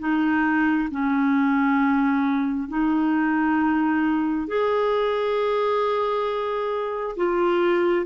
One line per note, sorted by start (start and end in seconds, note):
0.00 0.90 D#4
0.91 2.69 C#4
2.69 4.48 D#4
4.48 7.17 G#4
7.17 8.06 F4